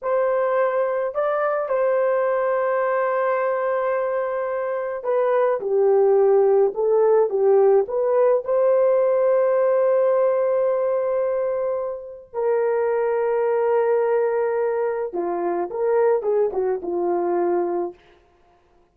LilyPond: \new Staff \with { instrumentName = "horn" } { \time 4/4 \tempo 4 = 107 c''2 d''4 c''4~ | c''1~ | c''4 b'4 g'2 | a'4 g'4 b'4 c''4~ |
c''1~ | c''2 ais'2~ | ais'2. f'4 | ais'4 gis'8 fis'8 f'2 | }